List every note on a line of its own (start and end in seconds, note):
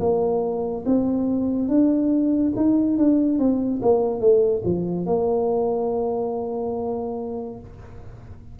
0.00 0.85 A#3
0.86 1.69 C4
1.69 2.53 D4
2.56 2.98 D#4
2.98 3.39 D4
3.39 3.81 C4
3.82 4.21 A#3
4.21 4.63 A3
4.65 5.06 F3
5.06 7.60 A#3